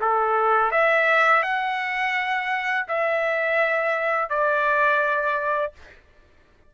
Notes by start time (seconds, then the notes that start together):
0.00 A4
0.71 E5
1.43 F#5
2.88 E5
4.29 D5